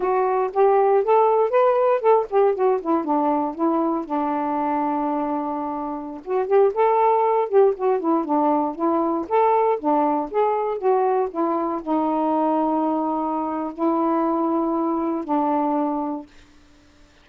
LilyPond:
\new Staff \with { instrumentName = "saxophone" } { \time 4/4 \tempo 4 = 118 fis'4 g'4 a'4 b'4 | a'8 g'8 fis'8 e'8 d'4 e'4 | d'1~ | d'16 fis'8 g'8 a'4. g'8 fis'8 e'16~ |
e'16 d'4 e'4 a'4 d'8.~ | d'16 gis'4 fis'4 e'4 dis'8.~ | dis'2. e'4~ | e'2 d'2 | }